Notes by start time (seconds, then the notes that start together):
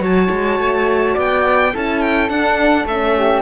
0.00 F#3 F#4 C#5 A5
0.31 G#3
0.59 A3
1.14 B3 D5 G5
1.73 C#4 E4 A4 A5
2.01 G5
2.29 D4 F#5
2.85 A3 C#4 E5
3.17 G4